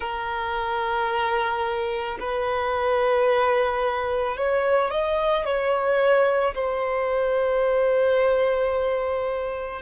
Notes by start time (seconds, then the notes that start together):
0.00 A#4
2.20 B4
4.36 C#5
4.90 D#5
5.45 C#5
6.55 C5